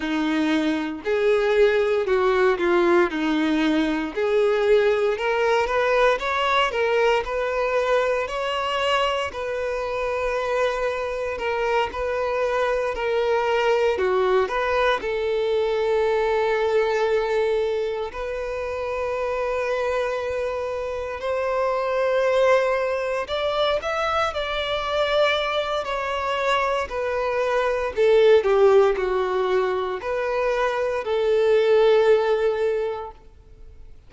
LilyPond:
\new Staff \with { instrumentName = "violin" } { \time 4/4 \tempo 4 = 58 dis'4 gis'4 fis'8 f'8 dis'4 | gis'4 ais'8 b'8 cis''8 ais'8 b'4 | cis''4 b'2 ais'8 b'8~ | b'8 ais'4 fis'8 b'8 a'4.~ |
a'4. b'2~ b'8~ | b'8 c''2 d''8 e''8 d''8~ | d''4 cis''4 b'4 a'8 g'8 | fis'4 b'4 a'2 | }